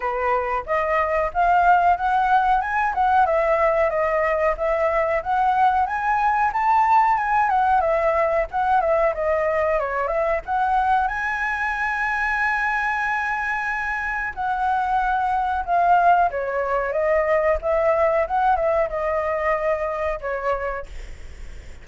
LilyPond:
\new Staff \with { instrumentName = "flute" } { \time 4/4 \tempo 4 = 92 b'4 dis''4 f''4 fis''4 | gis''8 fis''8 e''4 dis''4 e''4 | fis''4 gis''4 a''4 gis''8 fis''8 | e''4 fis''8 e''8 dis''4 cis''8 e''8 |
fis''4 gis''2.~ | gis''2 fis''2 | f''4 cis''4 dis''4 e''4 | fis''8 e''8 dis''2 cis''4 | }